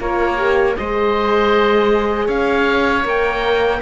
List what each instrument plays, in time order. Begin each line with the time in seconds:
0.00 cello A#3, horn F4, oboe A#4 C#5
0.37 horn G4
0.77 cello G#3, horn G#4, oboe C5 D#5
2.26 cello C#4, oboe C#5 F5
3.04 cello A#3, horn A#4, oboe G5